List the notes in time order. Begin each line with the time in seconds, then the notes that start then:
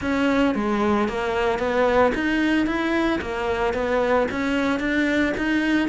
0.01 C#4
0.54 G#3
1.08 A#3
1.58 B3
2.14 D#4
2.66 E4
3.21 A#3
3.73 B3
4.31 C#4
4.79 D4
5.37 D#4